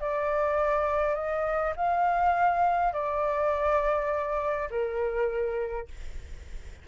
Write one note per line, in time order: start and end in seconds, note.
0.00 1.14 D5
1.14 1.73 D#5
1.76 2.93 F5
2.93 4.69 D5
4.70 5.88 A#4